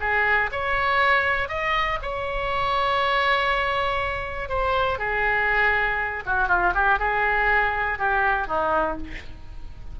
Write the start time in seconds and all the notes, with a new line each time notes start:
0.00 G#4
0.52 C#5
1.48 D#5
2.02 C#5
4.49 C5
4.98 G#4
6.25 F#4
6.48 F4
6.74 G4
6.99 G#4
7.98 G4
8.47 D#4